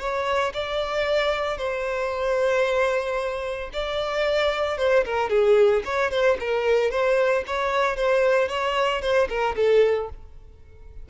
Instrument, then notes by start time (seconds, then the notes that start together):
violin
0.00 C#5
0.54 D5
1.58 C5
3.74 D5
4.78 C5
5.05 A#4
5.30 G#4
5.85 C#5
6.11 C5
6.40 A#4
6.91 C5
7.47 C#5
7.97 C5
8.49 C#5
9.02 C5
9.29 A#4
9.56 A4